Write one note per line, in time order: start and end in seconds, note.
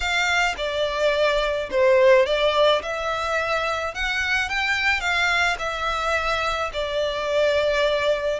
0.00 0.55 F5
0.57 1.69 D5
1.71 2.26 C5
2.26 2.82 D5
2.82 3.94 E5
3.94 4.49 F#5
4.49 5.00 G5
5.00 5.56 F5
5.58 6.70 E5
6.73 8.39 D5